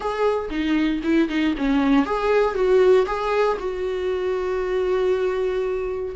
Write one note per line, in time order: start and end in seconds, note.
0.00 0.49 G#4
0.50 1.01 D#4
1.03 1.28 E4
1.28 1.54 D#4
1.57 2.05 C#4
2.05 2.55 G#4
2.55 3.06 F#4
3.06 3.57 G#4
3.59 6.15 F#4